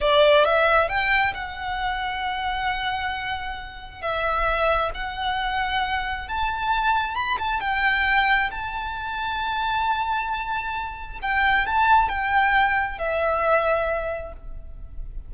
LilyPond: \new Staff \with { instrumentName = "violin" } { \time 4/4 \tempo 4 = 134 d''4 e''4 g''4 fis''4~ | fis''1~ | fis''4 e''2 fis''4~ | fis''2 a''2 |
b''8 a''8 g''2 a''4~ | a''1~ | a''4 g''4 a''4 g''4~ | g''4 e''2. | }